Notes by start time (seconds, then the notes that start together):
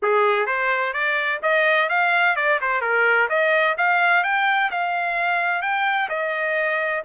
0.02 G#4
0.46 C5
0.93 D5
1.42 D#5
1.89 F5
2.36 D5
2.61 C5
2.81 A#4
3.29 D#5
3.77 F5
4.23 G5
4.70 F5
5.62 G5
6.09 D#5